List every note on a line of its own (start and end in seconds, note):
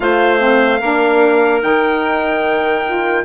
0.00 0.81 A3
0.00 0.38 F4
0.00 0.80 C5
0.00 1.62 F5
0.38 0.79 C4
0.80 1.62 A#3
0.80 1.60 D4
0.80 3.23 A#4
1.60 3.24 D#3
1.60 2.82 D#4
1.60 3.24 G5
2.85 3.24 F4